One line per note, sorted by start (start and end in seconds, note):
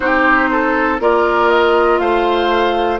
0.00 1.00 C4
0.00 0.99 D#4
0.00 0.50 G4
0.00 0.97 C5
0.51 1.01 A4
0.99 1.99 A#3
0.99 2.99 F4
0.99 2.00 A#4
0.99 1.48 D5
1.48 1.98 D#5
1.99 2.99 A3
1.99 3.00 C5
1.99 2.99 F5